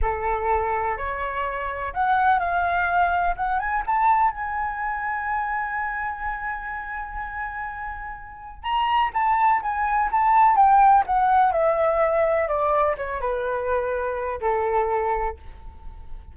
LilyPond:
\new Staff \with { instrumentName = "flute" } { \time 4/4 \tempo 4 = 125 a'2 cis''2 | fis''4 f''2 fis''8 gis''8 | a''4 gis''2.~ | gis''1~ |
gis''2 ais''4 a''4 | gis''4 a''4 g''4 fis''4 | e''2 d''4 cis''8 b'8~ | b'2 a'2 | }